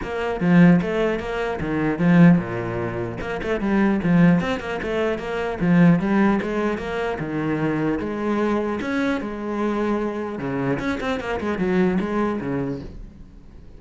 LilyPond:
\new Staff \with { instrumentName = "cello" } { \time 4/4 \tempo 4 = 150 ais4 f4 a4 ais4 | dis4 f4 ais,2 | ais8 a8 g4 f4 c'8 ais8 | a4 ais4 f4 g4 |
gis4 ais4 dis2 | gis2 cis'4 gis4~ | gis2 cis4 cis'8 c'8 | ais8 gis8 fis4 gis4 cis4 | }